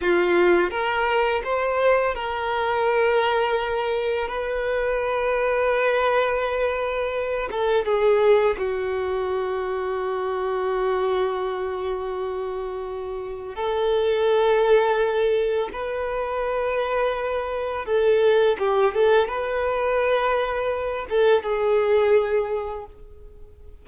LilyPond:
\new Staff \with { instrumentName = "violin" } { \time 4/4 \tempo 4 = 84 f'4 ais'4 c''4 ais'4~ | ais'2 b'2~ | b'2~ b'8 a'8 gis'4 | fis'1~ |
fis'2. a'4~ | a'2 b'2~ | b'4 a'4 g'8 a'8 b'4~ | b'4. a'8 gis'2 | }